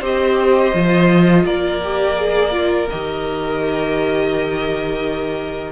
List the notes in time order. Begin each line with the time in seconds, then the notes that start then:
0.00 C4 G4 C5 D#5
0.74 F3 F4
1.45 A#3 A#4 D5
1.83 G4
2.16 G#4
2.51 F4
2.90 D#3 G4 D#5